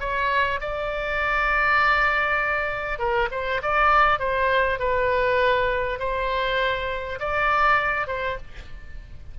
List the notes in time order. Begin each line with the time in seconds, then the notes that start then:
0.00 C#5
0.61 D5
2.99 A#4
3.32 C5
3.63 D5
4.19 C5
4.79 B4
5.99 C5
7.20 D5
8.07 C5